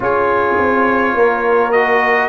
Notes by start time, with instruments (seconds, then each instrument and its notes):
0.00 tuba C#4, trombone F4, horn G#4, trumpet C#5
0.58 tuba C4
1.14 tuba A#3, horn A#4
1.71 trombone F#4, trumpet D#5